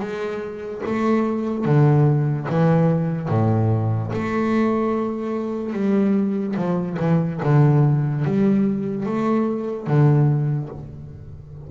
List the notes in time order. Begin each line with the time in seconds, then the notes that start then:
0.00 G#3
0.86 A3
1.66 D3
2.50 E3
3.29 A2
4.13 A3
5.73 G3
6.57 F3
7.00 E3
7.43 D3
8.25 G3
9.06 A3
9.87 D3